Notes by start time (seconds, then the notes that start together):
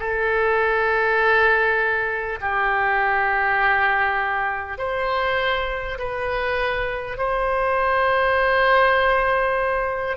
0.00 A4
2.41 G4
4.79 C5
5.99 B4
7.18 C5